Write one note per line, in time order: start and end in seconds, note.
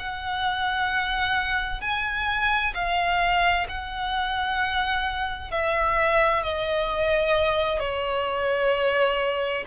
0.00 1.81 F#5
1.81 2.74 G#5
2.74 3.67 F5
3.69 5.51 F#5
5.51 6.43 E5
6.43 7.80 D#5
7.80 9.64 C#5